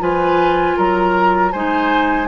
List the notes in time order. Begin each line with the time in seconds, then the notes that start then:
0.00 F3 F4 B4 G#5
0.77 F#3 A#4 A#5
1.52 G#3 D#4 C5 G#5